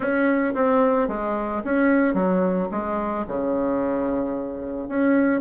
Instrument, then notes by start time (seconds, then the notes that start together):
bassoon
0.00 C#4
0.54 C4
1.08 G#3
1.64 C#4
2.14 F#3
2.71 G#3
3.27 C#3
4.88 C#4